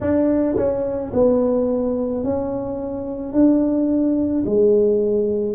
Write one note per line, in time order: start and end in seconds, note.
0.00 0.56 D4
0.56 1.12 C#4
1.13 2.24 B3
2.24 3.32 C#4
3.32 4.43 D4
4.45 5.55 G#3